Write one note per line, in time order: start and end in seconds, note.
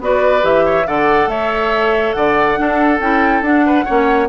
0.00 0.42 B3
0.00 0.41 F#4
0.00 0.65 B4
0.00 0.44 D5
0.41 0.85 E3
0.41 0.84 G4
0.41 0.87 E5
0.65 0.86 C#5
0.86 1.27 D3
0.86 2.55 A4
0.86 1.29 D5
0.86 1.29 F#5
1.27 2.12 A3
1.27 2.15 C#5
1.27 2.12 E5
2.12 2.58 D3
2.12 2.59 D5
2.12 2.98 F#5
2.55 2.98 D4
2.55 2.99 D4
2.55 3.65 A4
2.99 3.41 C#4
2.99 3.43 E4
2.99 3.43 G5
3.41 3.83 D4
3.41 3.85 D4
3.41 4.29 F#5
3.65 3.84 B4
3.84 4.29 A#3
3.84 4.29 C#4
3.84 4.27 C#5